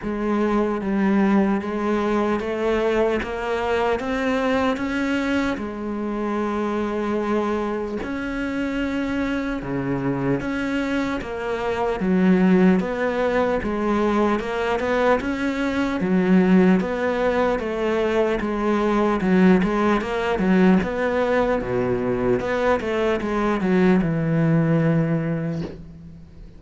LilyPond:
\new Staff \with { instrumentName = "cello" } { \time 4/4 \tempo 4 = 75 gis4 g4 gis4 a4 | ais4 c'4 cis'4 gis4~ | gis2 cis'2 | cis4 cis'4 ais4 fis4 |
b4 gis4 ais8 b8 cis'4 | fis4 b4 a4 gis4 | fis8 gis8 ais8 fis8 b4 b,4 | b8 a8 gis8 fis8 e2 | }